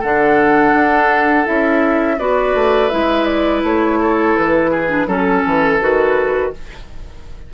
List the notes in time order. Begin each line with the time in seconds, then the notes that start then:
0.00 D3 D4 A4 F#5
0.74 D4
1.46 C#4 E4 E5
2.19 B3 F#4 B4 D5
2.55 A3
2.89 G#3 E4 E5
3.25 D5
3.64 A3 C#5
4.01 A4
4.37 E3 B4
4.71 G#4
4.89 D4
5.07 F#3 C#4 A4
5.47 E3
5.81 D#3 F#4 B4